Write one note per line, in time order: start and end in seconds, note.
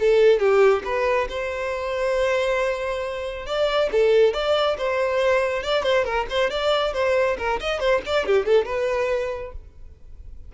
0.00 0.40 A4
0.40 0.83 G4
0.85 1.28 B4
1.29 3.46 C5
3.46 3.90 D5
3.92 4.34 A4
4.34 4.77 D5
4.78 5.63 C5
5.63 5.83 D5
5.83 6.05 C5
6.05 6.27 A#4
6.30 6.51 C5
6.51 6.94 D5
6.94 7.37 C5
7.38 7.60 A#4
7.60 7.80 D#5
7.80 8.02 C5
8.06 8.26 D5
8.26 8.46 G4
8.46 8.66 A4
8.66 9.53 B4